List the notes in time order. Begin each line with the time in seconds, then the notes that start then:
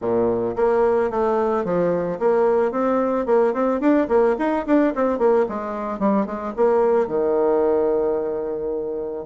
0.01 A#2
0.56 A#3
1.10 A3
1.64 F3
2.19 A#3
2.71 C4
3.26 A#3
3.53 C4
3.80 D4
4.08 A#3
4.38 D#4
4.66 D4
4.95 C4
5.18 A#3
5.48 G#3
5.99 G3
6.26 G#3
6.56 A#3
7.07 D#3